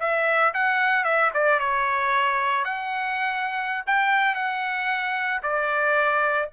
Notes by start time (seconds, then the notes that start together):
0.00 E5
0.54 F#5
1.05 E5
1.34 D5
1.60 C#5
2.65 F#5
3.87 G5
4.35 F#5
5.43 D5